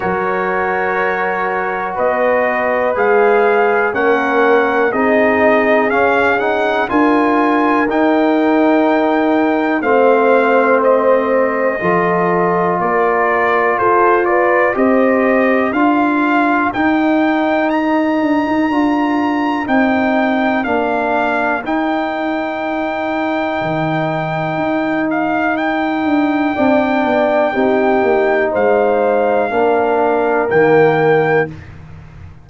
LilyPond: <<
  \new Staff \with { instrumentName = "trumpet" } { \time 4/4 \tempo 4 = 61 cis''2 dis''4 f''4 | fis''4 dis''4 f''8 fis''8 gis''4 | g''2 f''4 dis''4~ | dis''4 d''4 c''8 d''8 dis''4 |
f''4 g''4 ais''2 | g''4 f''4 g''2~ | g''4. f''8 g''2~ | g''4 f''2 g''4 | }
  \new Staff \with { instrumentName = "horn" } { \time 4/4 ais'2 b'2 | ais'4 gis'2 ais'4~ | ais'2 c''2 | a'4 ais'4 a'8 b'8 c''4 |
ais'1~ | ais'1~ | ais'2. d''4 | g'4 c''4 ais'2 | }
  \new Staff \with { instrumentName = "trombone" } { \time 4/4 fis'2. gis'4 | cis'4 dis'4 cis'8 dis'8 f'4 | dis'2 c'2 | f'2. g'4 |
f'4 dis'2 f'4 | dis'4 d'4 dis'2~ | dis'2. d'4 | dis'2 d'4 ais4 | }
  \new Staff \with { instrumentName = "tuba" } { \time 4/4 fis2 b4 gis4 | ais4 c'4 cis'4 d'4 | dis'2 a2 | f4 ais4 f'4 c'4 |
d'4 dis'4. d'16 dis'16 d'4 | c'4 ais4 dis'2 | dis4 dis'4. d'8 c'8 b8 | c'8 ais8 gis4 ais4 dis4 | }
>>